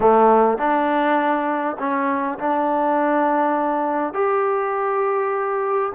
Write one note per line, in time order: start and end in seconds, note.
0.00 0.58 A3
0.58 1.76 D4
1.79 2.38 C#4
2.38 4.13 D4
4.13 5.92 G4